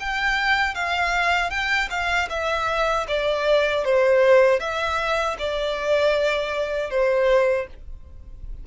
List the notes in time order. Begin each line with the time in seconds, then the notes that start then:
0.00 G5
0.75 F5
1.50 G5
1.91 F5
2.30 E5
3.08 D5
3.85 C5
4.60 E5
5.39 D5
6.90 C5